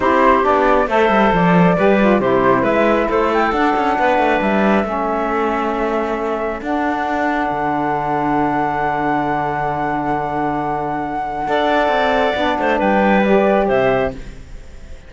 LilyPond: <<
  \new Staff \with { instrumentName = "flute" } { \time 4/4 \tempo 4 = 136 c''4 d''4 e''4 d''4~ | d''4 c''4 e''4 c''8 g''8 | fis''2 e''2~ | e''2. fis''4~ |
fis''1~ | fis''1~ | fis''1~ | fis''4 g''4 d''4 e''4 | }
  \new Staff \with { instrumentName = "clarinet" } { \time 4/4 g'2 c''2 | b'4 g'4 b'4 a'4~ | a'4 b'2 a'4~ | a'1~ |
a'1~ | a'1~ | a'2 d''2~ | d''8 c''8 b'2 c''4 | }
  \new Staff \with { instrumentName = "saxophone" } { \time 4/4 e'4 d'4 a'2 | g'8 f'8 e'2. | d'2. cis'4~ | cis'2. d'4~ |
d'1~ | d'1~ | d'2 a'2 | d'2 g'2 | }
  \new Staff \with { instrumentName = "cello" } { \time 4/4 c'4 b4 a8 g8 f4 | g4 c4 gis4 a4 | d'8 cis'8 b8 a8 g4 a4~ | a2. d'4~ |
d'4 d2.~ | d1~ | d2 d'4 c'4 | b8 a8 g2 c4 | }
>>